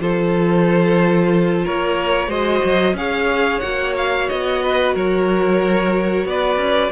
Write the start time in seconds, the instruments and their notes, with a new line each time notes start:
0.00 cello F3, viola F4, violin A4 C5
1.65 cello A#3, violin A#4 C#5
2.28 cello G#3, viola F#4, violin C5 D#5
2.65 cello F#3
2.93 cello C#4, viola G#4, violin C#5 F5
3.60 cello A#3, viola F#4, violin F#5
3.97 violin F5
4.29 cello B3, violin D#5
4.63 violin B4
4.95 cello F#3, violin A#4 C#5
6.25 cello B3, violin B4 D5
6.57 cello C#4